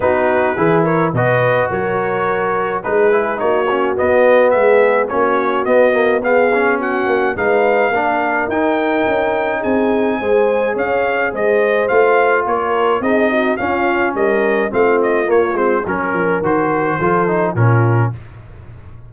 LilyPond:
<<
  \new Staff \with { instrumentName = "trumpet" } { \time 4/4 \tempo 4 = 106 b'4. cis''8 dis''4 cis''4~ | cis''4 b'4 cis''4 dis''4 | e''4 cis''4 dis''4 f''4 | fis''4 f''2 g''4~ |
g''4 gis''2 f''4 | dis''4 f''4 cis''4 dis''4 | f''4 dis''4 f''8 dis''8 cis''8 c''8 | ais'4 c''2 ais'4 | }
  \new Staff \with { instrumentName = "horn" } { \time 4/4 fis'4 gis'8 ais'8 b'4 ais'4~ | ais'4 gis'4 fis'2 | gis'4 fis'2 gis'4 | fis'4 b'4 ais'2~ |
ais'4 gis'4 c''4 cis''4 | c''2 ais'4 gis'8 fis'8 | f'4 ais'4 f'2 | ais'2 a'4 f'4 | }
  \new Staff \with { instrumentName = "trombone" } { \time 4/4 dis'4 e'4 fis'2~ | fis'4 dis'8 e'8 dis'8 cis'8 b4~ | b4 cis'4 b8 ais8 b8 cis'8~ | cis'4 dis'4 d'4 dis'4~ |
dis'2 gis'2~ | gis'4 f'2 dis'4 | cis'2 c'4 ais8 c'8 | cis'4 fis'4 f'8 dis'8 cis'4 | }
  \new Staff \with { instrumentName = "tuba" } { \time 4/4 b4 e4 b,4 fis4~ | fis4 gis4 ais4 b4 | gis4 ais4 b2~ | b8 ais8 gis4 ais4 dis'4 |
cis'4 c'4 gis4 cis'4 | gis4 a4 ais4 c'4 | cis'4 g4 a4 ais8 gis8 | fis8 f8 dis4 f4 ais,4 | }
>>